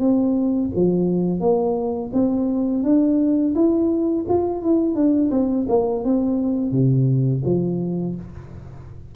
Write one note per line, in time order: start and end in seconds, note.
0.00 0.71 C4
0.75 1.41 F3
1.41 2.11 A#3
2.14 2.84 C4
2.84 3.55 D4
3.56 4.26 E4
4.29 4.63 F4
4.63 4.95 E4
4.95 5.30 D4
5.32 5.67 C4
5.69 6.04 A#3
6.05 6.72 C4
6.72 7.42 C3
7.45 8.16 F3